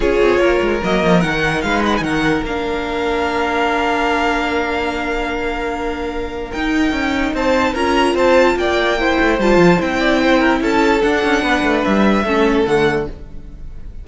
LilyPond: <<
  \new Staff \with { instrumentName = "violin" } { \time 4/4 \tempo 4 = 147 cis''2 dis''4 fis''4 | f''8 fis''16 gis''16 fis''4 f''2~ | f''1~ | f''1 |
g''2 a''4 ais''4 | a''4 g''2 a''4 | g''2 a''4 fis''4~ | fis''4 e''2 fis''4 | }
  \new Staff \with { instrumentName = "violin" } { \time 4/4 gis'4 ais'2. | b'4 ais'2.~ | ais'1~ | ais'1~ |
ais'2 c''4 ais'4 | c''4 d''4 c''2~ | c''8 d''8 c''8 ais'8 a'2 | b'2 a'2 | }
  \new Staff \with { instrumentName = "viola" } { \time 4/4 f'2 ais4 dis'4~ | dis'2 d'2~ | d'1~ | d'1 |
dis'2. f'4~ | f'2 e'4 f'4 | e'2. d'4~ | d'2 cis'4 a4 | }
  \new Staff \with { instrumentName = "cello" } { \time 4/4 cis'8 c'8 ais8 gis8 fis8 f8 dis4 | gis4 dis4 ais2~ | ais1~ | ais1 |
dis'4 cis'4 c'4 cis'4 | c'4 ais4. a8 g8 f8 | c'2 cis'4 d'8 cis'8 | b8 a8 g4 a4 d4 | }
>>